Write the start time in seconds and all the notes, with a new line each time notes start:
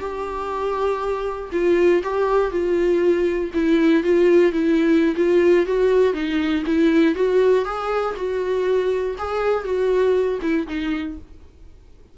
0.00 G4
1.52 F4
2.03 G4
2.51 F4
3.54 E4
4.03 F4
4.52 E4
5.16 F4
5.66 F#4
6.13 D#4
6.66 E4
7.15 F#4
7.65 G#4
8.16 F#4
9.18 G#4
9.64 F#4
10.42 E4
10.67 D#4